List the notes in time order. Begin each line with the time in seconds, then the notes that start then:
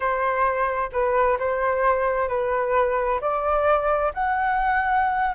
0.00 C5
0.92 B4
1.39 C5
2.28 B4
3.20 D5
4.13 F#5